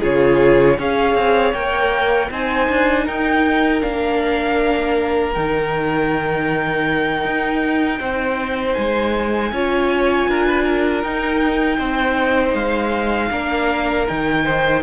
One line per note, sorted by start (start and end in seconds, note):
0.00 0.78 C#3
0.00 0.77 F4
0.00 0.76 G#4
0.00 0.79 C#5
0.78 1.14 C#4
0.78 1.54 G#4
0.78 2.30 C#5
0.78 1.53 F5
1.14 1.52 C4
1.53 2.30 A#3
1.53 2.31 A#4
1.53 2.29 G5
2.30 2.68 C4
2.30 3.80 D#4
2.30 3.04 C5
2.30 3.07 G#5
2.69 3.07 D4
3.04 3.83 D#4
3.04 7.98 A#4
3.04 3.82 G5
3.80 5.36 A#3
3.80 5.32 D4
3.80 5.33 F5
5.33 7.25 D#3
5.33 9.53 D#4
5.33 8.74 G5
7.25 7.99 D#4
7.99 8.75 C4
7.99 9.52 C5
8.74 9.52 G#3
8.74 11.01 G#5
9.52 10.28 C#4
9.52 11.04 F4
9.52 10.29 C#5
10.28 11.04 D4
10.28 10.46 A#4
10.46 10.63 B4
10.63 11.77 A#4
11.03 11.79 D#4
11.03 13.31 D#4
11.03 12.55 G5
11.78 12.54 C4
11.78 13.29 C5
12.54 13.30 G#3
12.54 14.07 F5
13.31 14.07 A#3
13.31 14.07 D4
13.31 14.44 A#4
14.07 14.83 D#3
14.07 14.83 D#4
14.07 14.83 G5
14.44 14.82 C5